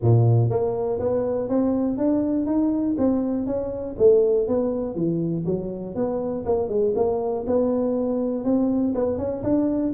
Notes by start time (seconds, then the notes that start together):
0.01 A#2
0.50 A#3
0.99 B3
1.48 C4
1.97 D4
2.46 D#4
2.98 C4
3.46 C#4
3.98 A3
4.47 B3
4.95 E3
5.45 F#3
5.95 B3
6.45 A#3
6.69 G#3
6.95 A#3
7.46 B3
8.44 C4
8.94 B3
9.17 C#4
9.43 D4